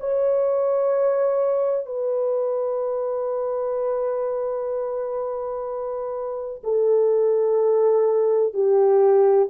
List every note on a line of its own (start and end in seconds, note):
0.00 1.86 C#5
1.86 6.62 B4
6.64 8.53 A4
8.53 9.48 G4